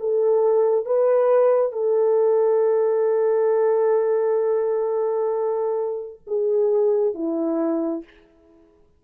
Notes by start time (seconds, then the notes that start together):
0.00 A4
0.85 B4
1.72 A4
6.27 G#4
7.14 E4